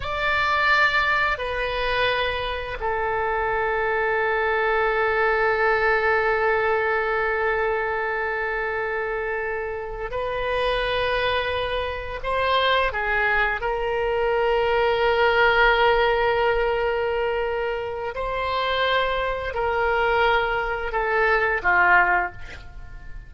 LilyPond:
\new Staff \with { instrumentName = "oboe" } { \time 4/4 \tempo 4 = 86 d''2 b'2 | a'1~ | a'1~ | a'2~ a'8 b'4.~ |
b'4. c''4 gis'4 ais'8~ | ais'1~ | ais'2 c''2 | ais'2 a'4 f'4 | }